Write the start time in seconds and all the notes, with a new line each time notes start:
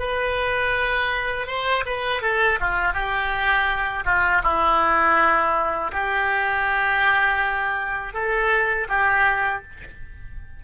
0.00 B4
1.47 C5
1.86 B4
2.23 A4
2.61 F4
2.94 G4
4.05 F4
4.44 E4
5.93 G4
8.14 A4
8.89 G4